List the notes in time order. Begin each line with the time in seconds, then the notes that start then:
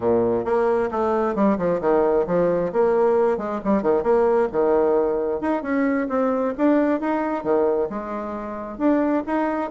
0.00 A#2
0.44 A#3
0.91 A3
1.35 G3
1.57 F3
1.80 D#3
2.27 F3
2.72 A#3
3.37 G#3
3.64 G3
3.82 D#3
4.03 A#3
4.52 D#3
5.40 D#4
5.62 C#4
6.09 C4
6.57 D4
7.00 D#4
7.43 D#3
7.89 G#3
8.77 D4
9.26 D#4